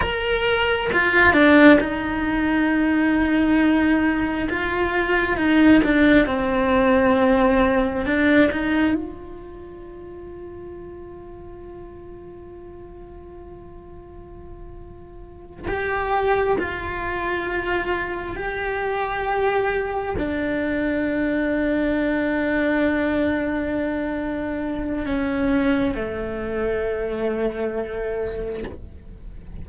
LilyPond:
\new Staff \with { instrumentName = "cello" } { \time 4/4 \tempo 4 = 67 ais'4 f'8 d'8 dis'2~ | dis'4 f'4 dis'8 d'8 c'4~ | c'4 d'8 dis'8 f'2~ | f'1~ |
f'4. g'4 f'4.~ | f'8 g'2 d'4.~ | d'1 | cis'4 a2. | }